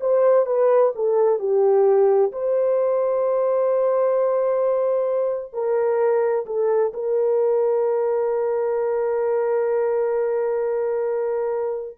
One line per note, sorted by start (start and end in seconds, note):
0.00 0.46 C5
0.46 0.92 B4
0.95 1.39 A4
1.39 2.32 G4
2.32 5.53 C5
5.53 6.46 A#4
6.46 6.92 A4
6.94 11.98 A#4